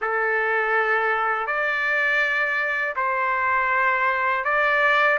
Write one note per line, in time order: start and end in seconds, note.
0.01 1.46 A4
1.46 2.95 D5
2.96 4.44 C5
4.44 5.18 D5